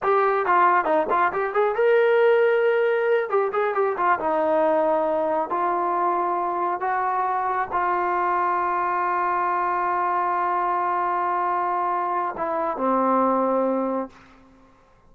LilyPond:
\new Staff \with { instrumentName = "trombone" } { \time 4/4 \tempo 4 = 136 g'4 f'4 dis'8 f'8 g'8 gis'8 | ais'2.~ ais'8 g'8 | gis'8 g'8 f'8 dis'2~ dis'8~ | dis'8 f'2. fis'8~ |
fis'4. f'2~ f'8~ | f'1~ | f'1 | e'4 c'2. | }